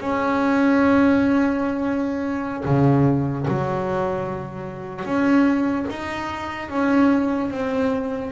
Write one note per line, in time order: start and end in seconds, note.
0.00 2.64 C#4
2.65 3.46 C#3
3.48 5.05 F#3
5.05 5.86 C#4
5.90 6.69 D#4
6.69 7.50 C#4
7.50 8.31 C4